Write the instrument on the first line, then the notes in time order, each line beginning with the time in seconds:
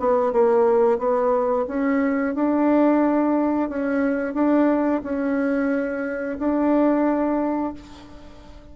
bassoon
0.00 B3
0.33 A#3
0.99 B3
1.68 C#4
2.35 D4
3.70 C#4
4.35 D4
5.03 C#4
6.39 D4